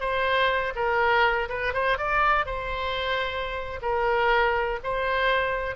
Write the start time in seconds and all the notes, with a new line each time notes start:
0.00 C5
0.75 A#4
1.49 B4
1.73 C5
1.98 D5
2.46 C5
3.82 A#4
4.84 C5